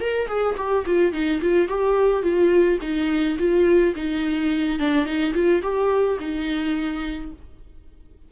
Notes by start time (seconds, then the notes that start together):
0.00 A#4
0.28 G#4
0.57 G4
0.86 F4
1.13 D#4
1.41 F4
1.68 G4
2.23 F4
2.81 D#4
3.38 F4
3.96 D#4
4.79 D4
5.05 D#4
5.34 F4
5.62 G4
6.19 D#4